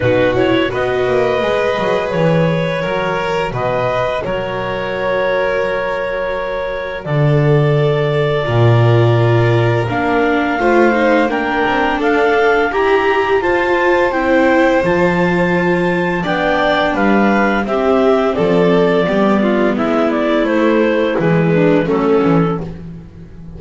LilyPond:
<<
  \new Staff \with { instrumentName = "clarinet" } { \time 4/4 \tempo 4 = 85 b'8 cis''8 dis''2 cis''4~ | cis''4 dis''4 cis''2~ | cis''2 d''2~ | d''2 f''2 |
g''4 f''4 ais''4 a''4 | g''4 a''2 g''4 | f''4 e''4 d''2 | e''8 d''8 c''4 b'4 a'4 | }
  \new Staff \with { instrumentName = "violin" } { \time 4/4 fis'4 b'2. | ais'4 b'4 ais'2~ | ais'2 a'2 | ais'2. c''4 |
ais'4 a'4 g'4 c''4~ | c''2. d''4 | b'4 g'4 a'4 g'8 f'8 | e'2~ e'8 d'8 cis'4 | }
  \new Staff \with { instrumentName = "viola" } { \time 4/4 dis'8 e'8 fis'4 gis'2 | fis'1~ | fis'1 | f'2 d'4 f'8 dis'8 |
d'2 g'4 f'4 | e'4 f'2 d'4~ | d'4 c'2 b4~ | b4 a4 gis4 a8 cis'8 | }
  \new Staff \with { instrumentName = "double bass" } { \time 4/4 b,4 b8 ais8 gis8 fis8 e4 | fis4 b,4 fis2~ | fis2 d2 | ais,2 ais4 a4 |
ais8 c'8 d'4 e'4 f'4 | c'4 f2 b4 | g4 c'4 f4 g4 | gis4 a4 e4 fis8 e8 | }
>>